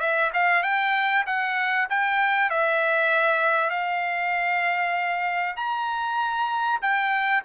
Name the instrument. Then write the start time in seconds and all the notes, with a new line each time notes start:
trumpet
0.00 E5
0.33 F5
0.63 G5
1.26 F#5
1.90 G5
2.50 E5
3.70 F5
5.56 A#5
6.81 G5